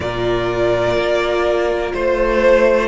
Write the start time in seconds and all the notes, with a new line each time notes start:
0.00 A#2 F4 A#4 D5
0.96 A#3
1.93 A3 C5